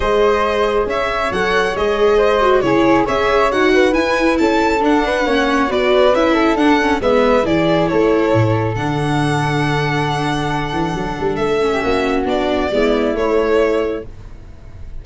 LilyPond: <<
  \new Staff \with { instrumentName = "violin" } { \time 4/4 \tempo 4 = 137 dis''2 e''4 fis''4 | dis''2 cis''4 e''4 | fis''4 gis''4 a''4 fis''4~ | fis''4 d''4 e''4 fis''4 |
e''4 d''4 cis''2 | fis''1~ | fis''2 e''2 | d''2 cis''2 | }
  \new Staff \with { instrumentName = "flute" } { \time 4/4 c''2 cis''2~ | cis''4 c''4 gis'4 cis''4~ | cis''8 b'4. a'4. b'8 | cis''4 b'4. a'4. |
b'4 gis'4 a'2~ | a'1~ | a'2~ a'8. g'16 fis'4~ | fis'4 e'2. | }
  \new Staff \with { instrumentName = "viola" } { \time 4/4 gis'2. a'4 | gis'4. fis'8 e'4 gis'4 | fis'4 e'2 d'4 | cis'4 fis'4 e'4 d'8 cis'8 |
b4 e'2. | d'1~ | d'2~ d'8 cis'4. | d'4 b4 a2 | }
  \new Staff \with { instrumentName = "tuba" } { \time 4/4 gis2 cis'4 fis4 | gis2 cis4 cis'4 | dis'4 e'4 cis'4 d'4 | ais4 b4 cis'4 d'4 |
gis4 e4 a4 a,4 | d1~ | d8 e8 fis8 g8 a4 ais4 | b4 gis4 a2 | }
>>